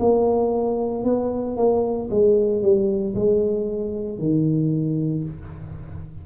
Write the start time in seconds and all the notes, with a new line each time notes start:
0.00 A#3
1.04 B3
1.57 A#3
2.11 G#3
2.63 G3
3.15 G#3
4.19 D#3